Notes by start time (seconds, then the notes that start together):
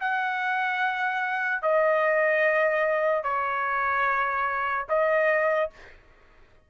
0.00 F#5
1.62 D#5
3.23 C#5
4.89 D#5